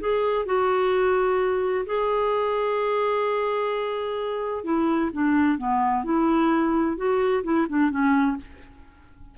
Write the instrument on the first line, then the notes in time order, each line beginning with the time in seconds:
clarinet
0.00 G#4
0.46 F#4
1.86 G#4
4.64 E4
5.13 D4
5.58 B3
6.04 E4
6.97 F#4
7.44 E4
7.69 D4
7.90 C#4